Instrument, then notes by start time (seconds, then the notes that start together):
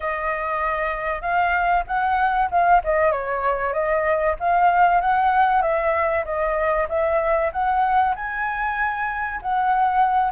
flute
0.00 D#5
1.21 F5
1.87 F#5
2.50 F5
2.84 D#5
3.11 C#5
3.73 D#5
4.39 F5
5.00 F#5
5.61 E5
6.24 D#5
6.88 E5
7.52 F#5
8.15 G#5
9.42 F#5